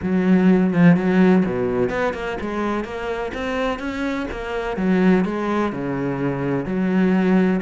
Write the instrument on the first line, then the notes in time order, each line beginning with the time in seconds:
cello
0.02 F#3
0.73 F3
0.96 F#3
1.45 B2
1.89 B3
2.13 A#3
2.40 G#3
2.84 A#3
3.34 C4
3.79 C#4
4.31 A#3
4.77 F#3
5.24 G#3
5.72 C#3
6.65 F#3